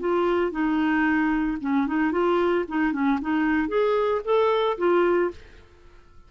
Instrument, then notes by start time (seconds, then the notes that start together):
clarinet
0.00 F4
0.52 D#4
1.61 C#4
1.87 D#4
2.12 F4
2.68 D#4
2.93 C#4
3.22 D#4
3.69 G#4
4.25 A4
4.78 F4